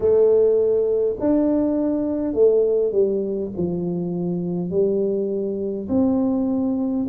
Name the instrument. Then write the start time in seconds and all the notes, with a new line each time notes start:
tuba
0.00 A3
1.19 D4
2.33 A3
2.91 G3
3.57 F3
4.70 G3
5.88 C4